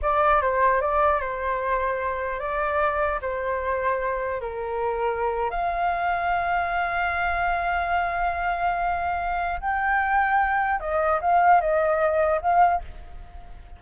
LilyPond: \new Staff \with { instrumentName = "flute" } { \time 4/4 \tempo 4 = 150 d''4 c''4 d''4 c''4~ | c''2 d''2 | c''2. ais'4~ | ais'4.~ ais'16 f''2~ f''16~ |
f''1~ | f''1 | g''2. dis''4 | f''4 dis''2 f''4 | }